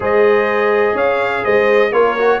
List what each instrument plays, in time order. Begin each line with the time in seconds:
0.00 tuba G#3, trombone G#4, horn C5, trumpet D#5
0.94 tuba C#4, horn C#5, trumpet F5
1.44 tuba G#3, horn C5, trumpet D#5
1.91 tuba A#3, trombone F4, horn A#4, trumpet C#5
2.18 trombone F#4